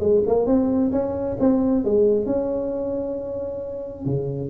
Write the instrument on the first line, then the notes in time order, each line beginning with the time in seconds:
tuba
0.00 G#3
0.27 A#3
0.47 C4
0.92 C#4
1.40 C4
1.85 G#3
2.26 C#4
4.06 C#3